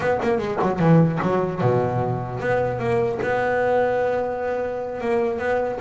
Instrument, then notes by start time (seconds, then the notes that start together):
double bass
0.00 B3
0.22 A#3
0.38 G#3
0.61 F#3
0.79 E3
1.22 F#3
1.61 B2
2.40 B3
2.79 A#3
3.22 B3
5.01 A#3
5.39 B3